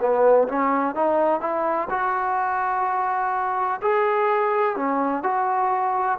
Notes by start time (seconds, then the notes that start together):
0.00 B3
0.48 C#4
0.95 D#4
1.41 E4
1.90 F#4
3.82 G#4
4.76 C#4
5.23 F#4